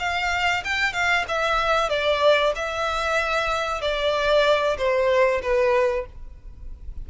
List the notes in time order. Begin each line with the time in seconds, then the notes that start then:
0.00 F5
0.64 G5
0.93 F5
1.29 E5
1.90 D5
2.56 E5
3.82 D5
4.78 C5
5.43 B4